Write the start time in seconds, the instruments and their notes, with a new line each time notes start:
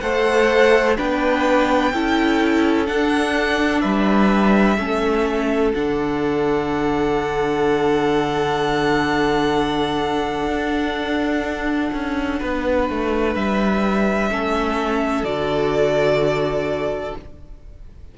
0.00 cello A3, viola A4, violin C5 F#5
0.97 cello B3, viola D4, violin B4 G5
1.93 cello C#4, viola E4, violin A4
2.86 viola D4, cello D4, violin F#5
3.81 cello G3, violin B4 E5
4.78 cello A3, viola C#4, violin A4
5.74 cello D3, viola D4, violin F#5
10.47 cello D4
11.92 cello C#4
12.39 cello B3, violin B4
12.89 cello A3
13.35 cello G3, violin E5
14.29 cello A3, viola C#4, violin A4
15.23 cello D3, viola F#4, violin D5